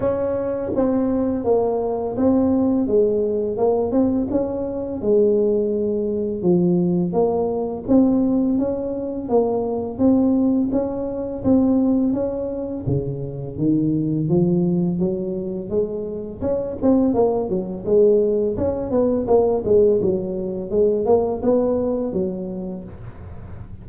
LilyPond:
\new Staff \with { instrumentName = "tuba" } { \time 4/4 \tempo 4 = 84 cis'4 c'4 ais4 c'4 | gis4 ais8 c'8 cis'4 gis4~ | gis4 f4 ais4 c'4 | cis'4 ais4 c'4 cis'4 |
c'4 cis'4 cis4 dis4 | f4 fis4 gis4 cis'8 c'8 | ais8 fis8 gis4 cis'8 b8 ais8 gis8 | fis4 gis8 ais8 b4 fis4 | }